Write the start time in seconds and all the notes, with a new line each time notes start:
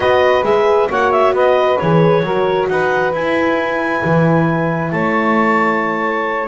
0.00 B3 F#4 B4 D#5
0.43 G#3 G#4 E5
0.89 A#3 F#4 C#5 F#5
1.11 E5
1.31 B3 B4 D#5
1.78 E3 G#4 C#5
2.22 F#3 F#4 A#4
2.68 D#4 B4 F#5
3.12 E4 G#5
4.04 E3
4.91 A3 C#5 A5